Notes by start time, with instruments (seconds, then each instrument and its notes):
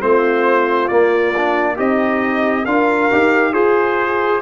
0.00 tuba A3, trombone C4, horn F4, trumpet C5
0.88 trombone A#3, tuba A#3, trumpet D5
1.36 trombone D4
1.75 tuba C4, horn D#4, trombone G4, trumpet D#5
2.64 tuba D4, trombone F4, horn A#4, trumpet F5
3.11 tuba D#4, trombone G4
3.52 tuba F4, horn G#4, trombone G#4, trumpet C5